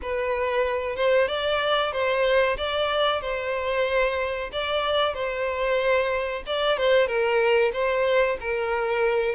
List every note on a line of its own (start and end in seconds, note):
0.01 0.96 B4
0.96 1.28 C5
1.28 1.92 D5
1.92 2.57 C5
2.57 3.21 D5
3.21 4.50 C5
4.52 5.13 D5
5.13 6.43 C5
6.46 6.77 D5
6.77 7.07 C5
7.07 7.71 A#4
7.72 8.37 C5
8.40 9.35 A#4